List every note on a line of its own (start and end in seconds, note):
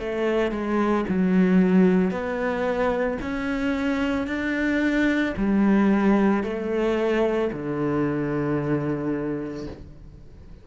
0.00 0.52 A3
0.52 1.05 G#3
1.09 2.11 F#3
2.11 3.19 B3
3.21 4.28 C#4
4.28 5.35 D4
5.37 6.44 G3
6.44 7.51 A3
7.53 9.67 D3